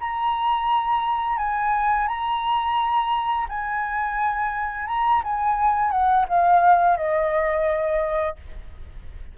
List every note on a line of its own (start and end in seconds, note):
0.00 1.38 A#5
1.38 2.07 G#5
2.08 3.47 A#5
3.49 4.87 G#5
4.87 5.22 A#5
5.23 5.91 G#5
5.91 6.26 F#5
6.28 6.97 F5
6.97 8.37 D#5